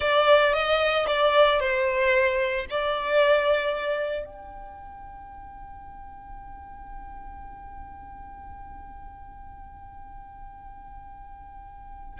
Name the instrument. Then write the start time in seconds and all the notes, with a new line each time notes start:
violin
0.00 D5
0.53 D#5
1.07 D5
1.59 C5
2.70 D5
4.25 G5